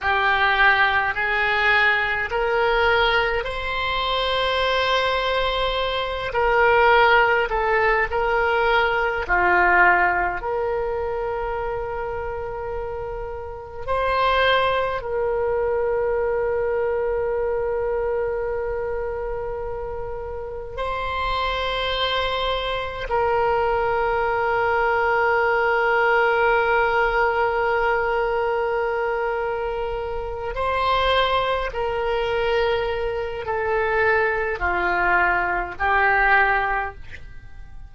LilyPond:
\new Staff \with { instrumentName = "oboe" } { \time 4/4 \tempo 4 = 52 g'4 gis'4 ais'4 c''4~ | c''4. ais'4 a'8 ais'4 | f'4 ais'2. | c''4 ais'2.~ |
ais'2 c''2 | ais'1~ | ais'2~ ais'8 c''4 ais'8~ | ais'4 a'4 f'4 g'4 | }